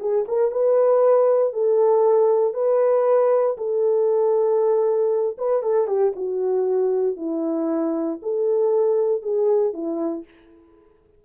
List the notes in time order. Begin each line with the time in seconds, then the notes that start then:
0.00 G#4
0.28 A#4
0.52 B4
1.53 A4
2.54 B4
3.58 A4
5.38 B4
5.63 A4
5.87 G4
6.16 F#4
7.17 E4
8.22 A4
9.22 G#4
9.73 E4